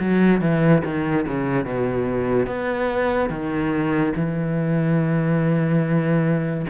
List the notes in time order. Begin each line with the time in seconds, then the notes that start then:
0.00 F#3
0.41 E3
0.84 D#3
1.27 C#3
1.65 B2
2.47 B3
3.30 D#3
4.16 E3